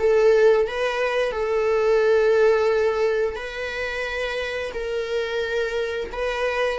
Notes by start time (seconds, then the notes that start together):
0.00 A4
0.68 B4
1.32 A4
3.36 B4
4.74 A#4
6.13 B4